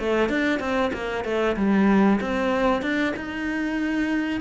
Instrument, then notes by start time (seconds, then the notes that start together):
cello
0.00 A3
0.30 D4
0.60 C4
0.93 A#3
1.25 A3
1.57 G3
2.21 C4
2.82 D4
3.16 D#4